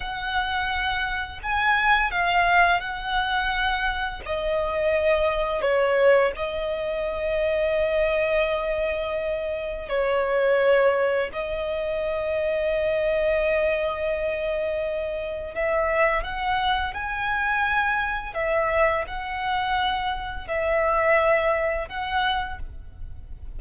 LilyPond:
\new Staff \with { instrumentName = "violin" } { \time 4/4 \tempo 4 = 85 fis''2 gis''4 f''4 | fis''2 dis''2 | cis''4 dis''2.~ | dis''2 cis''2 |
dis''1~ | dis''2 e''4 fis''4 | gis''2 e''4 fis''4~ | fis''4 e''2 fis''4 | }